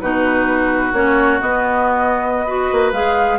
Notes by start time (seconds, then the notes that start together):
0.00 B2 D#4 F#4 B4
0.93 A#3 C#4 C#5
1.41 B3 D#5
2.46 F#4 B4
2.72 A#3
2.92 G#3 G#4 F5